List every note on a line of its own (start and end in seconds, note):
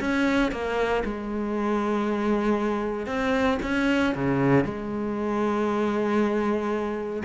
0.00 0.52 C#4
0.52 1.03 A#3
1.05 3.07 G#3
3.07 3.58 C4
3.63 4.14 C#4
4.15 4.64 C#3
4.64 7.23 G#3